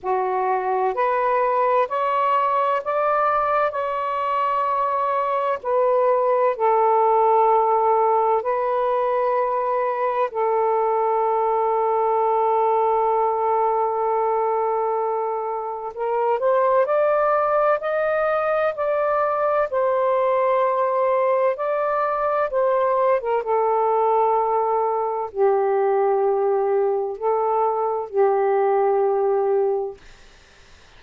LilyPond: \new Staff \with { instrumentName = "saxophone" } { \time 4/4 \tempo 4 = 64 fis'4 b'4 cis''4 d''4 | cis''2 b'4 a'4~ | a'4 b'2 a'4~ | a'1~ |
a'4 ais'8 c''8 d''4 dis''4 | d''4 c''2 d''4 | c''8. ais'16 a'2 g'4~ | g'4 a'4 g'2 | }